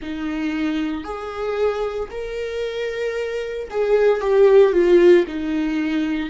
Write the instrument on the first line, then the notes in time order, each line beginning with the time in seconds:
viola
0.02 D#4
1.04 G#4
2.11 A#4
3.70 G#4
4.21 G4
4.72 F4
5.27 D#4